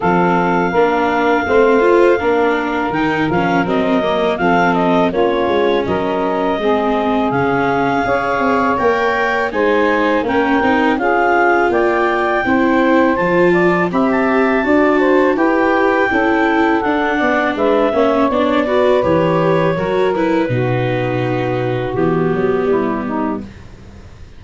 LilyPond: <<
  \new Staff \with { instrumentName = "clarinet" } { \time 4/4 \tempo 4 = 82 f''1 | g''8 f''8 dis''4 f''8 dis''8 cis''4 | dis''2 f''2 | g''4 gis''4 g''4 f''4 |
g''2 a''4 b''16 a''8.~ | a''4 g''2 fis''4 | e''4 d''4 cis''4. b'8~ | b'2 g'2 | }
  \new Staff \with { instrumentName = "saxophone" } { \time 4/4 a'4 ais'4 c''4 ais'4~ | ais'2 a'4 f'4 | ais'4 gis'2 cis''4~ | cis''4 c''4 ais'4 gis'4 |
d''4 c''4. d''8 e''4 | d''8 c''8 b'4 a'4. d''8 | b'8 cis''4 b'4. ais'4 | fis'2. e'8 dis'8 | }
  \new Staff \with { instrumentName = "viola" } { \time 4/4 c'4 d'4 c'8 f'8 d'4 | dis'8 cis'8 c'8 ais8 c'4 cis'4~ | cis'4 c'4 cis'4 gis'4 | ais'4 dis'4 cis'8 dis'8 f'4~ |
f'4 e'4 f'4 g'4 | fis'4 g'4 e'4 d'4~ | d'8 cis'8 d'8 fis'8 g'4 fis'8 e'8 | dis'2 b2 | }
  \new Staff \with { instrumentName = "tuba" } { \time 4/4 f4 ais4 a4 ais4 | dis8 f8 fis4 f4 ais8 gis8 | fis4 gis4 cis4 cis'8 c'8 | ais4 gis4 ais8 c'8 cis'4 |
ais4 c'4 f4 c'4 | d'4 e'4 cis'4 d'8 b8 | gis8 ais8 b4 e4 fis4 | b,2 e8 fis8 g4 | }
>>